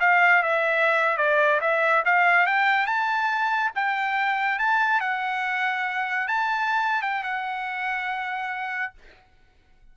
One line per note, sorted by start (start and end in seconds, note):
0.00 0.43 F5
0.43 1.17 E5
1.17 1.60 D5
1.61 2.03 E5
2.05 2.46 F5
2.46 2.86 G5
2.86 3.71 A5
3.75 4.59 G5
4.59 5.00 A5
5.00 6.27 F#5
6.27 7.02 A5
7.02 7.23 G5
7.23 8.93 F#5